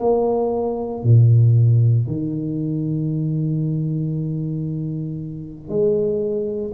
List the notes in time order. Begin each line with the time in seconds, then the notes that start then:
0.00 A#3
1.03 A#2
2.07 D#3
5.69 G#3